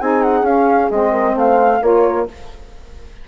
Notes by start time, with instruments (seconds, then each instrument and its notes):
0.00 bassoon C4, saxophone D#4, horn G#4, flute G#5
0.22 flute F#5
0.41 bassoon C#4, saxophone C#4, flute F5
0.90 bassoon G#3, saxophone C4, flute D#5
1.12 horn A#4
1.35 bassoon A3, horn C5, flute F5
1.81 bassoon A#3, saxophone F4, horn A#4, flute C#5